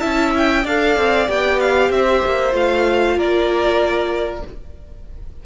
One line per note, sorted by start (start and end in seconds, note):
0.00 0.65 C#4
0.00 0.63 E4
0.00 0.64 E5
0.00 0.32 A5
0.37 0.67 G5
0.64 0.97 D4
0.64 1.26 A4
0.64 1.90 D5
0.64 1.30 F5
0.97 1.28 C4
1.26 1.90 B3
1.26 2.51 G4
1.26 1.60 G5
1.60 1.92 F5
1.90 2.21 C4
1.90 3.17 C5
1.90 2.55 E5
2.26 2.54 A#3
2.51 3.16 A3
2.51 4.41 F4
2.51 3.19 F5
3.16 4.43 A#3
3.16 4.44 A#4
3.16 4.46 D5